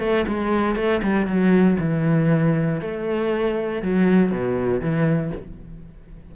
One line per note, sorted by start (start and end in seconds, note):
0.00 0.25 A3
0.27 0.76 G#3
0.76 1.01 A3
1.02 1.26 G3
1.26 1.77 F#3
1.79 2.81 E3
2.81 3.82 A3
3.82 4.32 F#3
4.32 4.81 B2
4.81 5.32 E3